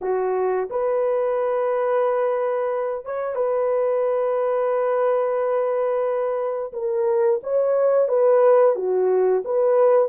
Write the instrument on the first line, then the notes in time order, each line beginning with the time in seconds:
horn
0.01 F#4
0.70 B4
3.05 C#5
3.35 B4
6.72 A#4
7.43 C#5
8.08 B4
8.75 F#4
9.44 B4